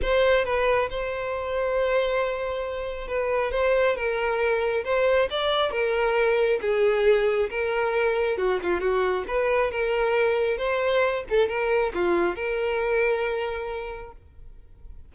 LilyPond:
\new Staff \with { instrumentName = "violin" } { \time 4/4 \tempo 4 = 136 c''4 b'4 c''2~ | c''2. b'4 | c''4 ais'2 c''4 | d''4 ais'2 gis'4~ |
gis'4 ais'2 fis'8 f'8 | fis'4 b'4 ais'2 | c''4. a'8 ais'4 f'4 | ais'1 | }